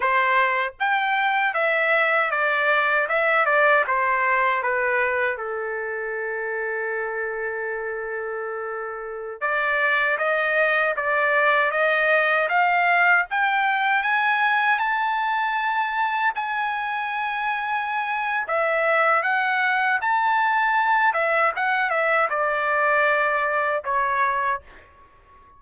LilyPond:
\new Staff \with { instrumentName = "trumpet" } { \time 4/4 \tempo 4 = 78 c''4 g''4 e''4 d''4 | e''8 d''8 c''4 b'4 a'4~ | a'1~ | a'16 d''4 dis''4 d''4 dis''8.~ |
dis''16 f''4 g''4 gis''4 a''8.~ | a''4~ a''16 gis''2~ gis''8. | e''4 fis''4 a''4. e''8 | fis''8 e''8 d''2 cis''4 | }